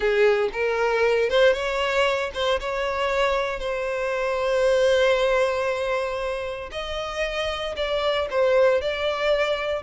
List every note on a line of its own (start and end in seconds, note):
0.00 0.49 G#4
0.52 1.29 A#4
1.29 1.53 C5
1.53 2.30 C#5
2.33 2.59 C5
2.60 3.59 C#5
3.59 6.70 C5
6.71 7.75 D#5
7.76 8.28 D5
8.30 8.80 C5
8.80 9.82 D5